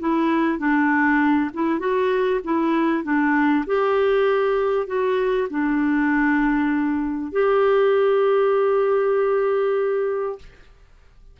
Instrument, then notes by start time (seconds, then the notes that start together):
clarinet
0.00 E4
0.59 D4
1.54 E4
1.80 F#4
2.44 E4
3.04 D4
3.67 G4
4.87 F#4
5.50 D4
7.32 G4